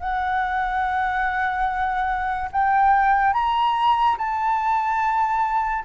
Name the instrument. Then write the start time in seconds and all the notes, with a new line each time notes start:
flute
0.00 F#5
2.52 G5
3.33 A#5
4.18 A5